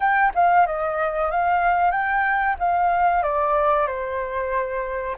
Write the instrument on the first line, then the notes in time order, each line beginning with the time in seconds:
flute
0.00 G5
0.34 F5
0.66 D#5
1.30 F5
1.91 G5
2.59 F5
3.22 D5
3.87 C5